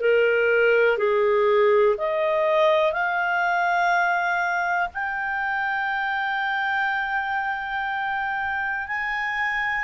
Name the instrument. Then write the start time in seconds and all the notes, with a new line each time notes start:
clarinet
0.00 A#4
0.97 G#4
1.98 D#5
2.92 F5
4.94 G5
8.87 G#5